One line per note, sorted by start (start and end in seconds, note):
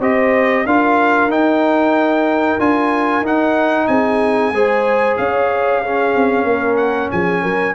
0.00 0.65 C4
0.00 0.65 G4
0.00 0.65 C5
0.00 0.66 D#5
0.65 1.27 D4
0.65 1.30 F4
0.65 3.89 A#4
0.65 1.31 F5
1.27 2.56 D#4
1.27 2.59 D#4
1.27 2.60 G5
2.59 3.21 D4
2.59 3.23 F4
2.59 3.24 G#5
3.21 3.86 D#4
3.21 4.53 D#4
3.21 3.87 F#5
3.87 4.51 C4
3.87 4.54 G#4
3.87 5.16 G#5
4.51 5.16 G#3
4.51 5.83 G#4
4.51 5.19 C5
5.17 6.15 C#4
5.17 5.82 C#5
5.17 6.76 F5
5.82 7.75 C#4
5.82 6.46 G#4
6.15 6.44 C4
6.44 7.08 A#3
6.44 7.11 A#4
6.76 7.09 F#5
7.11 7.44 F3
7.11 7.42 G#4
7.11 7.75 G#5
7.42 7.75 F#3
7.42 7.74 A#4